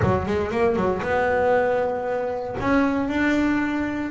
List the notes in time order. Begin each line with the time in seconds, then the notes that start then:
0.02 F#3
0.26 G#3
0.51 A#3
0.76 F#3
1.02 B3
2.60 C#4
3.08 D4